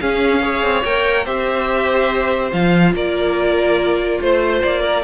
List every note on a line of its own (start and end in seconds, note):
0.00 0.42 C#4
0.00 0.63 C#4
0.00 0.42 G#4
0.00 0.84 F5
0.42 0.84 G#4
0.42 1.25 C#5
0.63 0.84 C4
0.84 1.26 A#3
0.84 1.25 A#4
0.84 1.25 G5
1.25 2.52 C4
1.25 2.51 G4
1.25 2.93 C5
1.25 2.51 E5
2.51 2.93 F3
2.51 5.02 F4
2.51 2.94 F5
2.93 4.19 A#3
2.93 4.20 A#4
2.93 4.21 D5
4.20 4.62 A3
4.20 4.63 C5
4.20 4.81 C5
4.63 5.03 A#3
4.63 5.03 D5
4.81 5.02 A#4